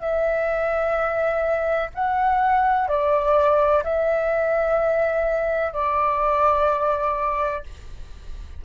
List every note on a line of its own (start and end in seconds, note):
0.00 1.90 E5
1.95 2.88 F#5
2.88 3.84 D5
3.84 5.74 E5
5.74 7.64 D5